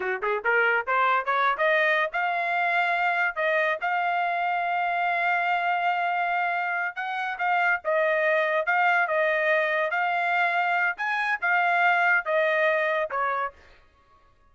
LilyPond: \new Staff \with { instrumentName = "trumpet" } { \time 4/4 \tempo 4 = 142 fis'8 gis'8 ais'4 c''4 cis''8. dis''16~ | dis''4 f''2. | dis''4 f''2.~ | f''1~ |
f''8 fis''4 f''4 dis''4.~ | dis''8 f''4 dis''2 f''8~ | f''2 gis''4 f''4~ | f''4 dis''2 cis''4 | }